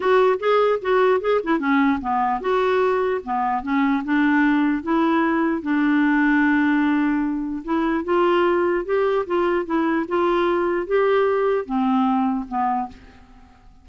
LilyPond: \new Staff \with { instrumentName = "clarinet" } { \time 4/4 \tempo 4 = 149 fis'4 gis'4 fis'4 gis'8 e'8 | cis'4 b4 fis'2 | b4 cis'4 d'2 | e'2 d'2~ |
d'2. e'4 | f'2 g'4 f'4 | e'4 f'2 g'4~ | g'4 c'2 b4 | }